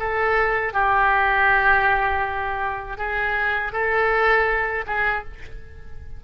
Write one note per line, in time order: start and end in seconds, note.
0.00 0.74 A4
0.74 2.98 G4
2.98 3.73 G#4
3.73 4.85 A4
4.87 5.24 G#4